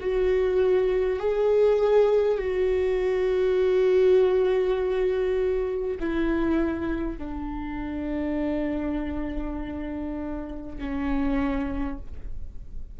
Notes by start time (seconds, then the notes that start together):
0.00 F#4
1.19 G#4
2.38 F#4
5.99 E4
7.18 D4
10.78 C#4